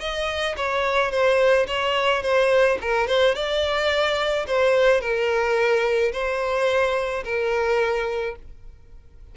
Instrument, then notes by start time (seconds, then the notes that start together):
violin
0.00 D#5
0.57 C#5
1.11 C5
1.68 C#5
2.22 C5
2.81 A#4
3.07 C5
3.35 D5
4.47 C5
5.01 A#4
6.12 C5
7.24 A#4